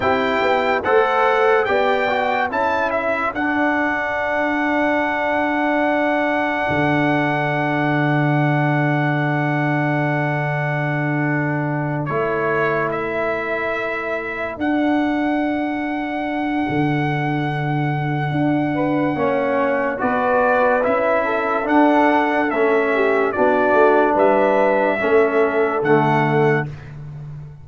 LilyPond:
<<
  \new Staff \with { instrumentName = "trumpet" } { \time 4/4 \tempo 4 = 72 g''4 fis''4 g''4 a''8 e''8 | fis''1~ | fis''1~ | fis''2~ fis''8 cis''4 e''8~ |
e''4. fis''2~ fis''8~ | fis''1 | d''4 e''4 fis''4 e''4 | d''4 e''2 fis''4 | }
  \new Staff \with { instrumentName = "horn" } { \time 4/4 g'4 c''4 d''4 a'4~ | a'1~ | a'1~ | a'1~ |
a'1~ | a'2~ a'8 b'8 cis''4 | b'4. a'2 g'8 | fis'4 b'4 a'2 | }
  \new Staff \with { instrumentName = "trombone" } { \time 4/4 e'4 a'4 g'8 fis'8 e'4 | d'1~ | d'1~ | d'2~ d'8 e'4.~ |
e'4. d'2~ d'8~ | d'2. cis'4 | fis'4 e'4 d'4 cis'4 | d'2 cis'4 a4 | }
  \new Staff \with { instrumentName = "tuba" } { \time 4/4 c'8 b8 a4 b4 cis'4 | d'1 | d1~ | d2~ d8 a4.~ |
a4. d'2~ d'8 | d2 d'4 ais4 | b4 cis'4 d'4 a4 | b8 a8 g4 a4 d4 | }
>>